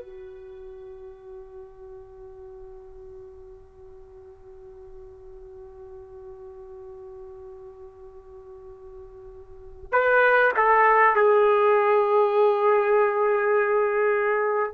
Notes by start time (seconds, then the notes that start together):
0.00 F#4
9.92 B4
10.57 A4
11.15 G#4